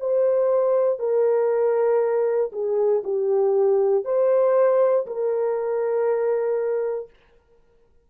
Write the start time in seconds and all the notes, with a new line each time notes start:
0.00 C5
0.99 A#4
2.52 G#4
3.04 G4
4.05 C5
5.07 A#4